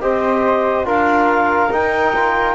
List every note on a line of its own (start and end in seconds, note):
0.00 0.85 C4
0.00 0.85 G4
0.00 0.86 C5
0.00 0.86 D#5
0.85 1.69 D4
0.85 1.69 F4
0.85 2.55 A#4
0.85 1.73 F5
1.70 2.55 D#4
1.70 2.14 D#4
1.70 2.55 G5
2.15 2.55 F4